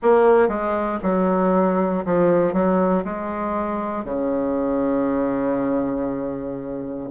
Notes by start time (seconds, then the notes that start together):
0.02 A#3
0.48 G#3
1.03 F#3
2.05 F3
2.53 F#3
3.04 G#3
4.04 C#3